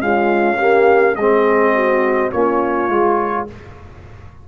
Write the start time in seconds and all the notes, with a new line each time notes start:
0.00 G#3 C#4 F4 F5
0.58 A#3 G4
1.15 G#3 C4 G#4 D#5
1.75 F#4
2.32 A#3 C#4 F4 C#5
2.89 G#3 F4